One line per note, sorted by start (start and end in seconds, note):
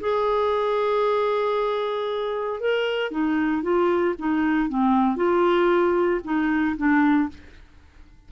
0.00 2.60 G#4
2.60 3.11 A#4
3.11 3.62 D#4
3.62 4.15 F4
4.18 4.69 D#4
4.69 5.16 C4
5.16 6.20 F4
6.24 6.76 D#4
6.77 7.29 D4